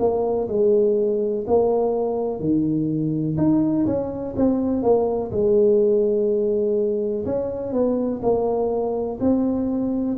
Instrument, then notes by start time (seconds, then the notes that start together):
tuba
0.00 A#3
0.48 G#3
1.48 A#3
2.40 D#3
3.38 D#4
3.87 C#4
4.37 C4
4.83 A#3
5.32 G#3
7.26 C#4
7.73 B3
8.23 A#3
9.21 C4